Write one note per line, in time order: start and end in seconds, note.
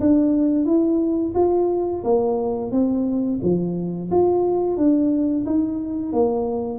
0.00 0.65 D4
0.65 1.33 E4
1.34 2.02 F4
2.04 2.71 A#3
2.71 3.39 C4
3.42 4.10 F3
4.10 4.77 F4
4.77 5.45 D4
5.45 6.12 D#4
6.12 6.79 A#3